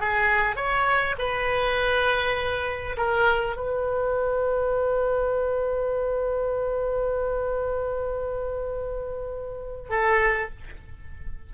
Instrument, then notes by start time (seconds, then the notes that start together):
oboe
0.00 G#4
0.56 C#5
1.18 B4
2.97 A#4
3.56 B4
9.90 A4